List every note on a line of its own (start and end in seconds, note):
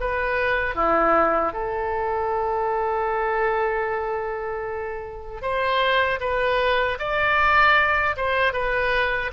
0.00 0.75 B4
0.75 1.53 E4
1.53 5.42 A4
5.42 6.19 C5
6.20 6.98 B4
6.98 8.15 D5
8.16 8.53 C5
8.53 9.31 B4